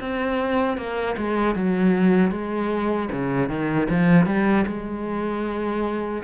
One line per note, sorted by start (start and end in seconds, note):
0.00 0.77 C4
0.77 1.16 A#3
1.17 1.55 G#3
1.55 2.31 F#3
2.31 3.09 G#3
3.12 3.49 C#3
3.49 3.87 D#3
3.90 4.26 F3
4.26 4.65 G3
4.67 6.23 G#3